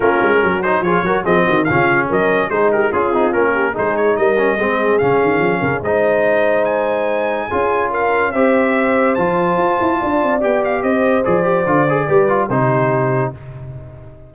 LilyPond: <<
  \new Staff \with { instrumentName = "trumpet" } { \time 4/4 \tempo 4 = 144 ais'4. c''8 cis''4 dis''4 | f''4 dis''4 c''8 ais'8 gis'4 | ais'4 c''8 cis''8 dis''2 | f''2 dis''2 |
gis''2. f''4 | e''2 a''2~ | a''4 g''8 f''8 dis''4 d''4~ | d''2 c''2 | }
  \new Staff \with { instrumentName = "horn" } { \time 4/4 f'4 fis'4 gis'8 ais'8 gis'8 fis'8 | f'4 ais'4 gis'8 g'8 f'4~ | f'8 g'8 gis'4 ais'4 gis'4~ | gis'4. ais'8 c''2~ |
c''2 gis'4 ais'4 | c''1 | d''2 c''2~ | c''4 b'4 g'2 | }
  \new Staff \with { instrumentName = "trombone" } { \time 4/4 cis'4. dis'8 f'8 fis'8 c'4 | cis'2 dis'4 f'8 dis'8 | cis'4 dis'4. cis'8 c'4 | cis'2 dis'2~ |
dis'2 f'2 | g'2 f'2~ | f'4 g'2 gis'8 g'8 | f'8 gis'8 g'8 f'8 dis'2 | }
  \new Staff \with { instrumentName = "tuba" } { \time 4/4 ais8 gis8 fis4 f8 fis8 f8 dis8 | cis4 fis4 gis4 cis'8 c'8 | ais4 gis4 g4 gis4 | cis8 dis8 f8 cis8 gis2~ |
gis2 cis'2 | c'2 f4 f'8 e'8 | d'8 c'8 b4 c'4 f4 | d4 g4 c2 | }
>>